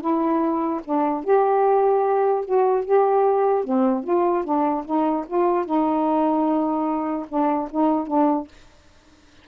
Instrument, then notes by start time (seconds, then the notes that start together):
saxophone
0.00 E4
0.84 D4
1.24 G4
2.45 F#4
2.85 G4
3.64 C4
4.04 F4
4.44 D4
4.85 D#4
5.27 F4
5.65 D#4
7.28 D4
7.70 D#4
8.07 D4